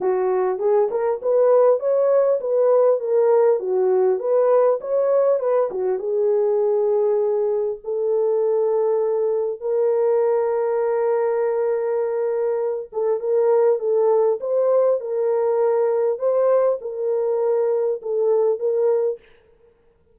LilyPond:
\new Staff \with { instrumentName = "horn" } { \time 4/4 \tempo 4 = 100 fis'4 gis'8 ais'8 b'4 cis''4 | b'4 ais'4 fis'4 b'4 | cis''4 b'8 fis'8 gis'2~ | gis'4 a'2. |
ais'1~ | ais'4. a'8 ais'4 a'4 | c''4 ais'2 c''4 | ais'2 a'4 ais'4 | }